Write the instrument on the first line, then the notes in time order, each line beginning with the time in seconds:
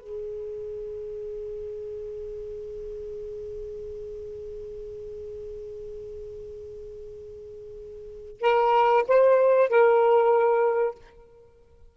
saxophone
0.00 G#4
8.41 A#4
9.07 C5
9.69 A#4